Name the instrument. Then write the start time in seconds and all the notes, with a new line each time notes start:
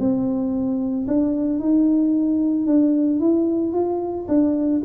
tuba
0.00 C4
1.08 D4
1.60 D#4
2.67 D4
3.20 E4
3.73 F4
4.29 D4